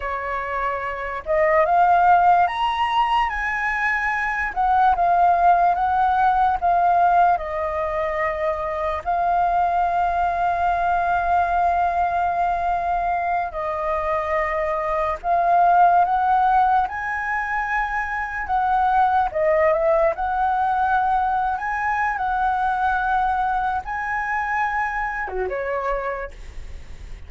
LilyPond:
\new Staff \with { instrumentName = "flute" } { \time 4/4 \tempo 4 = 73 cis''4. dis''8 f''4 ais''4 | gis''4. fis''8 f''4 fis''4 | f''4 dis''2 f''4~ | f''1~ |
f''8 dis''2 f''4 fis''8~ | fis''8 gis''2 fis''4 dis''8 | e''8 fis''4.~ fis''16 gis''8. fis''4~ | fis''4 gis''4.~ gis''16 fis'16 cis''4 | }